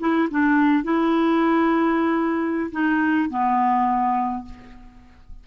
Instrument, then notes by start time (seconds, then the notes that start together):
clarinet
0.00 E4
0.31 D4
0.84 E4
2.72 D#4
3.30 B3